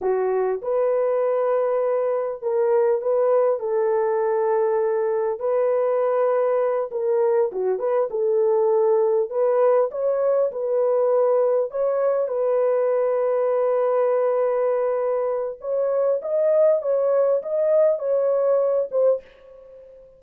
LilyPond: \new Staff \with { instrumentName = "horn" } { \time 4/4 \tempo 4 = 100 fis'4 b'2. | ais'4 b'4 a'2~ | a'4 b'2~ b'8 ais'8~ | ais'8 fis'8 b'8 a'2 b'8~ |
b'8 cis''4 b'2 cis''8~ | cis''8 b'2.~ b'8~ | b'2 cis''4 dis''4 | cis''4 dis''4 cis''4. c''8 | }